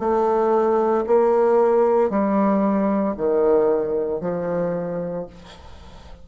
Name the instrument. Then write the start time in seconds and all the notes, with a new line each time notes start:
bassoon
0.00 A3
1.07 A#3
2.11 G3
3.18 D#3
4.21 F3